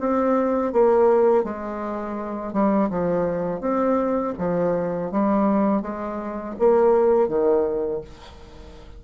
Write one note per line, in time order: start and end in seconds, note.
0.00 0.73 C4
0.73 1.44 A#3
1.44 2.53 G#3
2.53 2.89 G3
2.90 3.61 F3
3.61 4.34 C4
4.38 5.12 F3
5.12 5.82 G3
5.82 6.55 G#3
6.59 7.28 A#3
7.28 8.01 D#3